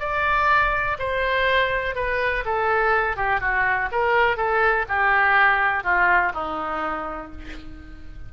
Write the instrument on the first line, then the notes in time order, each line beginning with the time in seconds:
oboe
0.00 D5
0.99 C5
1.95 B4
2.45 A4
3.17 G4
3.41 F#4
3.92 A#4
4.37 A4
4.89 G4
5.84 F4
6.34 D#4